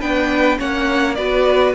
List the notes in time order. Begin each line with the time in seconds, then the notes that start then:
0.00 B3 D4 B4 G5
0.58 A#3 C#4 C#5 F#5
1.15 B3 F#4 B4 D5